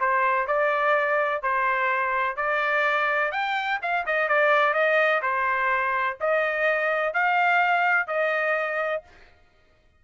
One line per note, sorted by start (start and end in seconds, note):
0.00 0.47 C5
0.47 1.42 D5
1.42 2.36 C5
2.36 3.31 D5
3.32 3.79 G5
3.82 4.06 F5
4.06 4.28 D#5
4.28 4.73 D5
4.73 5.21 D#5
5.22 6.17 C5
6.20 7.13 D#5
7.13 8.07 F5
8.07 9.03 D#5